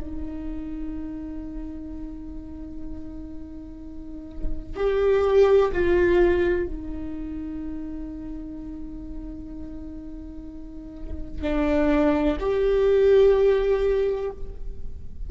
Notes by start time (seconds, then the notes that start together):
0.00 D#4
4.76 G4
5.71 F4
6.66 D#4
11.41 D4
12.39 G4